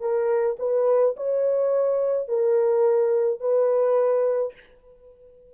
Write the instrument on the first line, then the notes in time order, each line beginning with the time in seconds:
horn
0.00 A#4
0.59 B4
1.17 C#5
2.28 A#4
3.40 B4